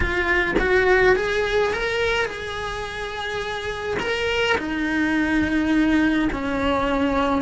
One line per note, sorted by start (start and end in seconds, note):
0.00 0.54 F4
0.59 1.16 F#4
1.16 1.73 G#4
1.73 2.25 A#4
2.25 3.97 G#4
3.99 4.56 A#4
4.57 6.29 D#4
6.32 7.42 C#4